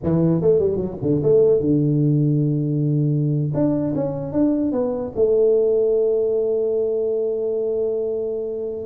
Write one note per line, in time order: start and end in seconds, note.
0.03 0.41 E3
0.41 0.59 A3
0.59 0.76 G3
0.76 0.96 F#3
1.02 1.22 D3
1.22 1.60 A3
1.60 3.51 D3
3.53 3.94 D4
3.95 4.32 C#4
4.32 4.72 D4
4.72 5.12 B3
5.15 8.86 A3